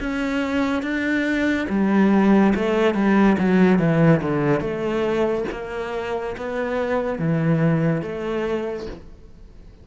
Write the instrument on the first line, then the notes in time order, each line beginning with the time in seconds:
cello
0.00 C#4
0.82 D4
1.69 G3
2.55 A3
2.94 G3
3.38 F#3
3.79 E3
4.22 D3
4.60 A3
5.51 A#3
6.37 B3
7.19 E3
8.02 A3